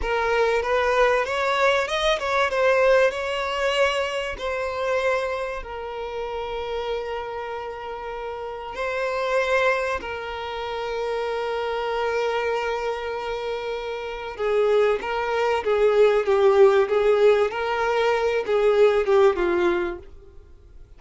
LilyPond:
\new Staff \with { instrumentName = "violin" } { \time 4/4 \tempo 4 = 96 ais'4 b'4 cis''4 dis''8 cis''8 | c''4 cis''2 c''4~ | c''4 ais'2.~ | ais'2 c''2 |
ais'1~ | ais'2. gis'4 | ais'4 gis'4 g'4 gis'4 | ais'4. gis'4 g'8 f'4 | }